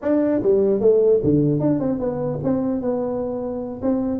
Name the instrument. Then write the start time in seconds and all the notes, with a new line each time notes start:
tuba
0.01 D4
0.42 G3
0.80 A3
1.23 D3
1.60 D4
1.79 C4
1.99 B3
2.43 C4
2.81 B3
3.81 C4